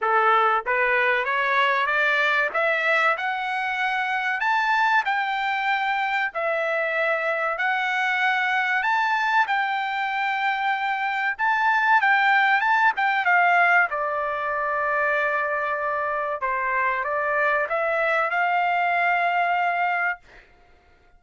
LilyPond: \new Staff \with { instrumentName = "trumpet" } { \time 4/4 \tempo 4 = 95 a'4 b'4 cis''4 d''4 | e''4 fis''2 a''4 | g''2 e''2 | fis''2 a''4 g''4~ |
g''2 a''4 g''4 | a''8 g''8 f''4 d''2~ | d''2 c''4 d''4 | e''4 f''2. | }